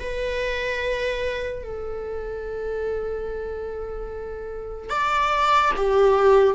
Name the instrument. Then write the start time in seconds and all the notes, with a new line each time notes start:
viola
0.00 B4
1.64 A4
4.90 D5
5.76 G4